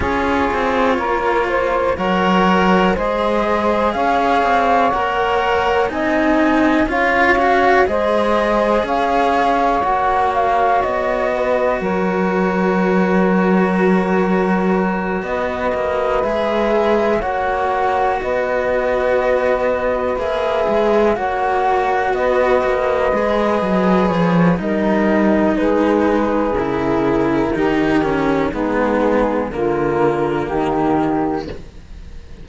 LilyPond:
<<
  \new Staff \with { instrumentName = "flute" } { \time 4/4 \tempo 4 = 61 cis''2 fis''4 dis''4 | f''4 fis''4 gis''4 f''4 | dis''4 f''4 fis''8 f''8 dis''4 | cis''2.~ cis''8 dis''8~ |
dis''8 e''4 fis''4 dis''4.~ | dis''8 e''4 fis''4 dis''4.~ | dis''8 cis''8 dis''4 b'4 ais'4~ | ais'4 gis'4 ais'4 g'4 | }
  \new Staff \with { instrumentName = "saxophone" } { \time 4/4 gis'4 ais'8 c''8 cis''4 c''4 | cis''2 dis''4 cis''4 | c''4 cis''2~ cis''8 b'8 | ais'2.~ ais'8 b'8~ |
b'4. cis''4 b'4.~ | b'4. cis''4 b'4.~ | b'4 ais'4 gis'2 | g'4 dis'4 f'4 dis'4 | }
  \new Staff \with { instrumentName = "cello" } { \time 4/4 f'2 ais'4 gis'4~ | gis'4 ais'4 dis'4 f'8 fis'8 | gis'2 fis'2~ | fis'1~ |
fis'8 gis'4 fis'2~ fis'8~ | fis'8 gis'4 fis'2 gis'8~ | gis'4 dis'2 e'4 | dis'8 cis'8 b4 ais2 | }
  \new Staff \with { instrumentName = "cello" } { \time 4/4 cis'8 c'8 ais4 fis4 gis4 | cis'8 c'8 ais4 c'4 cis'4 | gis4 cis'4 ais4 b4 | fis2.~ fis8 b8 |
ais8 gis4 ais4 b4.~ | b8 ais8 gis8 ais4 b8 ais8 gis8 | fis8 f8 g4 gis4 cis4 | dis4 gis4 d4 dis4 | }
>>